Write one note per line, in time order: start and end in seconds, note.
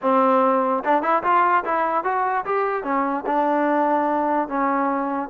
0.01 0.83 C4
0.84 1.02 D4
1.02 1.22 E4
1.23 1.64 F4
1.64 2.04 E4
2.04 2.44 F#4
2.45 2.83 G4
2.83 3.24 C#4
3.26 4.48 D4
4.48 5.29 C#4